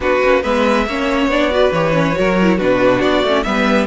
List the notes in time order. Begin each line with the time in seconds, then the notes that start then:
0.00 B3 D4 F#4 B4
0.23 A#3 C#4
0.42 G#3 B3 B4 E5
0.86 A#3 C#4 C#5
1.26 B3 D4 D5
1.50 F#4 B4
1.72 E3 G4 C#5
1.93 C#4
2.13 F#3 F#4 A#4
2.42 E4
2.57 B2 D4 F#4 B4
3.01 B3 D5
3.22 A3 C#4
3.43 G3 B3 B4 E5